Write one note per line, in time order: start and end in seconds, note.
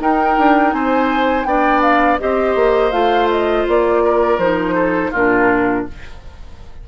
0.00 1.46 D#4
0.00 0.37 D#4
0.00 0.75 A#4
0.00 0.74 G5
0.39 0.73 D4
0.73 1.45 C4
0.73 1.48 C5
0.73 1.45 G#5
1.45 2.18 B3
1.45 2.20 D4
1.45 2.21 D5
1.45 1.82 G5
1.82 2.18 F5
2.20 2.55 C4
2.20 2.92 G4
2.20 4.04 C5
2.20 2.92 D#5
2.55 2.92 A#3
2.92 3.66 A3
2.92 4.39 F4
2.92 3.29 F5
3.31 3.67 D#5
3.68 4.38 A#3
3.68 4.40 D5
4.04 4.75 A#4
4.38 5.11 F3
4.38 5.14 D#4
4.38 5.13 C5
4.75 5.11 A4
5.11 5.86 A#2
5.11 5.88 D4
5.11 5.84 F4
5.11 5.87 A#4